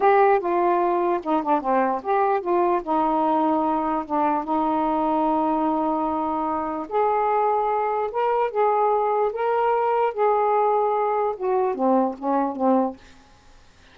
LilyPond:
\new Staff \with { instrumentName = "saxophone" } { \time 4/4 \tempo 4 = 148 g'4 f'2 dis'8 d'8 | c'4 g'4 f'4 dis'4~ | dis'2 d'4 dis'4~ | dis'1~ |
dis'4 gis'2. | ais'4 gis'2 ais'4~ | ais'4 gis'2. | fis'4 c'4 cis'4 c'4 | }